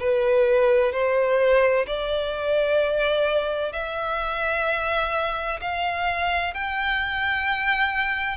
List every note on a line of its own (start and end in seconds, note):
0.00 0.92 B4
0.92 1.86 C5
1.87 3.72 D5
3.72 5.60 E5
5.61 6.54 F5
6.54 8.37 G5